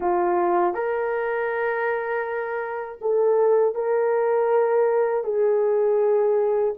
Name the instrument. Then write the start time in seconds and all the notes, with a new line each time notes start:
horn
0.00 F4
0.73 A#4
3.01 A4
3.74 A#4
5.23 G#4